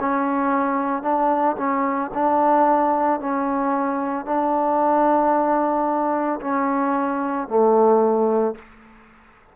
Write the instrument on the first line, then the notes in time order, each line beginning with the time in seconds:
trombone
0.00 C#4
1.02 D4
1.57 C#4
2.14 D4
3.19 C#4
4.26 D4
6.40 C#4
7.48 A3